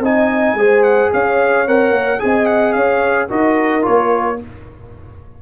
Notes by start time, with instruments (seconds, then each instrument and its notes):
0.00 tuba C4, trombone D#4, horn D#5, trumpet G#5
0.54 tuba G#3, trombone G#4, horn C5
0.83 trumpet F#5
1.13 tuba C#4, horn C#5, trumpet F5
1.67 tuba C4, trombone A#4, trumpet F#5
1.91 tuba A#3
2.19 tuba C4, trombone G#4, horn D#5, trumpet G#5
2.46 trumpet F#5
2.73 tuba C#4, horn C#5, trumpet F5
3.29 tuba D#4, trombone F#4, horn A#4, trumpet D#5
3.82 trombone F4, trumpet C#5
3.88 tuba A#3